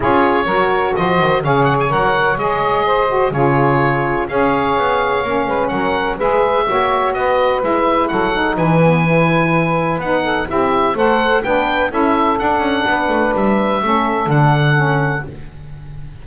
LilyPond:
<<
  \new Staff \with { instrumentName = "oboe" } { \time 4/4 \tempo 4 = 126 cis''2 dis''4 f''8 fis''16 gis''16 | fis''4 dis''2 cis''4~ | cis''4 f''2. | fis''4 e''2 dis''4 |
e''4 fis''4 gis''2~ | gis''4 fis''4 e''4 fis''4 | g''4 e''4 fis''2 | e''2 fis''2 | }
  \new Staff \with { instrumentName = "saxophone" } { \time 4/4 gis'4 ais'4 c''4 cis''4~ | cis''2 c''4 gis'4~ | gis'4 cis''2~ cis''8 b'8 | ais'4 b'4 cis''4 b'4~ |
b'4 a'4 b'2~ | b'4. a'8 g'4 c''4 | b'4 a'2 b'4~ | b'4 a'2. | }
  \new Staff \with { instrumentName = "saxophone" } { \time 4/4 f'4 fis'2 gis'4 | ais'4 gis'4. fis'8 f'4~ | f'4 gis'2 cis'4~ | cis'4 gis'4 fis'2 |
e'4. dis'4 b8 e'4~ | e'4 dis'4 e'4 a'4 | d'4 e'4 d'2~ | d'4 cis'4 d'4 cis'4 | }
  \new Staff \with { instrumentName = "double bass" } { \time 4/4 cis'4 fis4 f8 dis8 cis4 | fis4 gis2 cis4~ | cis4 cis'4 b4 ais8 gis8 | fis4 gis4 ais4 b4 |
gis4 fis4 e2~ | e4 b4 c'4 a4 | b4 cis'4 d'8 cis'8 b8 a8 | g4 a4 d2 | }
>>